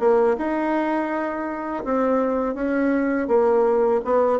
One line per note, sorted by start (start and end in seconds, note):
0.00 0.37 A#3
0.37 1.84 D#4
1.85 2.55 C4
2.55 3.28 C#4
3.28 4.01 A#3
4.05 4.40 B3